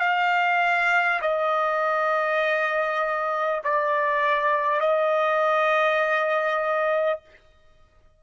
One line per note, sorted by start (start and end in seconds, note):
0.00 1.20 F5
1.22 3.62 D#5
3.64 4.81 D5
4.81 7.21 D#5